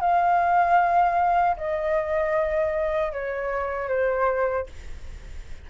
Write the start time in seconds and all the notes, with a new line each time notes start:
0.00 F5
1.57 D#5
3.12 C#5
3.88 C5